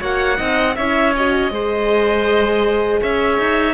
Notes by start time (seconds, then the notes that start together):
0.00 A#3 F#4 C#5 F#5
0.37 C4 D#4 D#5
0.76 C#4 E4 C#5 E5
1.16 F#4 D#5
1.51 G#3 G#4 C5
3.01 C#4 C#5 E5
3.39 D#4